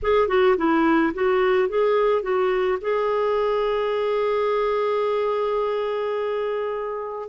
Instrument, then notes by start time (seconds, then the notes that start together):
clarinet
0.02 G#4
0.28 F#4
0.57 E4
1.14 F#4
1.68 G#4
2.22 F#4
2.81 G#4